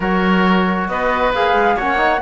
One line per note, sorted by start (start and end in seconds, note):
0.00 0.88 F#3
0.00 1.34 F#4
0.00 0.88 A#4
0.00 0.87 C#5
0.87 1.32 B3
0.87 1.76 B4
0.87 1.32 D#5
1.32 1.53 A#3
1.32 1.79 G#4
1.32 1.77 F5
1.53 1.75 G#3
1.76 2.21 A#3
1.76 1.97 C#4
1.76 2.20 C#5
1.76 2.21 F#5
1.97 2.19 D#4